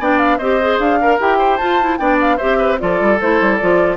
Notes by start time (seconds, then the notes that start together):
0.00 B3 D4 D5 G5
0.19 F5
0.39 C4 G4 C5 D#5
0.61 G#4
0.79 D4 F5
1.01 A#4
1.20 E4 G4 G5
1.39 C5
1.57 F4 A5
1.82 E4
1.98 B3 D4 D5 G5
2.21 F5
2.37 G4 C5 E5
2.44 C4
2.59 B4
2.79 F3 F4 A4 D5
3.01 G3
3.21 A3 E4 C5
3.41 G3
3.56 F3 F4 D5